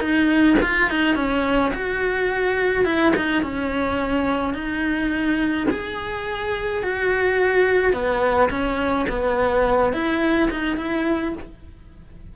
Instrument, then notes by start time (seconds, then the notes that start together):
cello
0.00 D#4
0.62 F4
0.90 D#4
1.16 C#4
1.74 F#4
2.85 E4
3.16 D#4
3.43 C#4
4.54 D#4
5.71 G#4
6.83 F#4
7.93 B3
8.50 C#4
9.09 B3
9.93 E4
10.51 D#4
10.77 E4